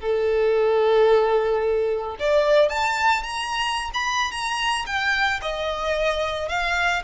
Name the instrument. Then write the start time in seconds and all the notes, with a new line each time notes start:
violin
0.00 A4
2.19 D5
2.69 A5
3.23 A#5
3.93 B5
4.31 A#5
4.86 G5
5.42 D#5
6.48 F5